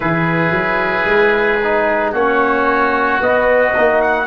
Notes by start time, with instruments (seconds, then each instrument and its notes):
0.00 tuba E3, trombone E4, oboe G#4, trumpet B4
0.51 tuba F#3
1.05 tuba G#3
1.63 trombone D#4
2.11 tuba A#3, trombone C#4, oboe F#4, trumpet C#5
3.20 trombone B3, tuba B3, trumpet D#5
3.75 tuba A#3, trombone D#4
4.01 trumpet F#5